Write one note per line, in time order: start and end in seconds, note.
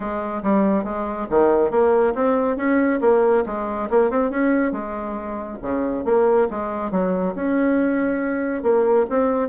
0.00 0.42 G#3
0.42 0.84 G3
0.84 1.27 G#3
1.29 1.70 D#3
1.70 2.13 A#3
2.14 2.56 C4
2.56 3.00 C#4
3.01 3.44 A#3
3.46 3.89 G#3
3.90 4.10 A#3
4.10 4.30 C4
4.30 4.71 C#4
4.71 5.58 G#3
5.62 6.05 C#3
6.05 6.48 A#3
6.50 6.91 G#3
6.91 7.34 F#3
7.35 8.63 C#4
8.63 9.06 A#3
9.09 9.48 C4